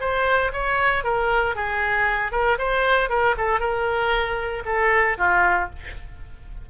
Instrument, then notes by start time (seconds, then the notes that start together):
oboe
0.00 C5
0.52 C#5
1.04 A#4
1.55 G#4
2.32 A#4
2.58 C5
3.09 A#4
3.37 A4
3.59 A#4
4.65 A4
5.17 F4